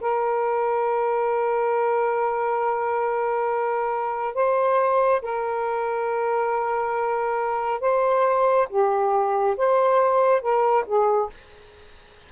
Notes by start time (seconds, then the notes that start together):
0.00 A#4
4.34 C5
5.21 A#4
7.80 C5
8.69 G4
9.57 C5
10.41 A#4
10.86 G#4